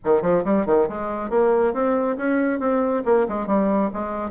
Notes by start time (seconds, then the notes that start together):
0.04 D#3
0.22 F3
0.44 G3
0.66 D#3
0.89 G#3
1.30 A#3
1.73 C4
2.17 C#4
2.59 C4
3.05 A#3
3.28 G#3
3.46 G3
3.93 G#3